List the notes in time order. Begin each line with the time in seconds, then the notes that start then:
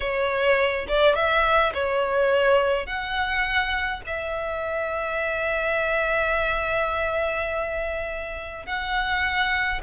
0.00 C#5
0.88 D5
1.15 E5
1.73 C#5
2.86 F#5
4.06 E5
8.65 F#5